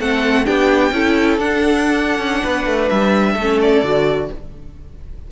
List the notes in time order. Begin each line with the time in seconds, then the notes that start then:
0.00 A3 C4 A4 F#5
0.45 B3 D4 G4 G5
0.92 C#4 E4 A4
1.38 D4 F#5
2.18 C#4
2.43 B3 B4
2.67 A3
2.89 G3 E5
3.33 A3 A4
3.41 C#4
3.62 D5
3.83 D3 F#4